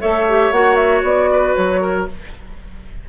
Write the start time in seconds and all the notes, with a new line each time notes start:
0.00 A3 A4 C#5 E5
0.28 G4
0.51 A#3 F#4 F#5
0.75 E5
1.03 B3 D5
1.32 B4
1.55 F#3 C#5
1.81 A#4